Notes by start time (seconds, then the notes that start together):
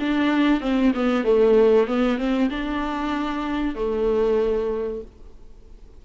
0.00 D4
0.61 C4
0.94 B3
1.24 A3
1.87 B3
2.18 C4
2.50 D4
3.75 A3